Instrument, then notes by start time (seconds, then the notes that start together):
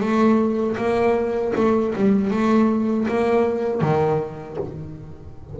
double bass
0.00 A3
0.77 A#3
1.55 A3
1.95 G3
2.31 A3
3.08 A#3
3.81 D#3